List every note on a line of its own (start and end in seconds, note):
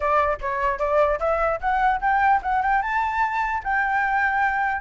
0.00 0.38 D5
0.41 0.78 C#5
0.78 1.19 D5
1.19 1.60 E5
1.60 2.00 F#5
2.00 2.41 G5
2.42 2.62 F#5
2.62 2.82 G5
2.82 3.62 A5
3.63 4.81 G5